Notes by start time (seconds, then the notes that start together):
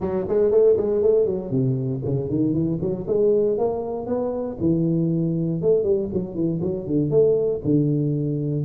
0.00 F#3
0.28 G#3
0.51 A3
0.77 G#3
1.02 A3
1.25 F#3
1.50 C3
2.05 C#3
2.29 D#3
2.53 E3
2.81 F#3
3.07 G#3
3.57 A#3
4.06 B3
4.59 E3
5.61 A3
5.83 G3
6.13 F#3
6.34 E3
6.61 F#3
6.86 D3
7.10 A3
7.64 D3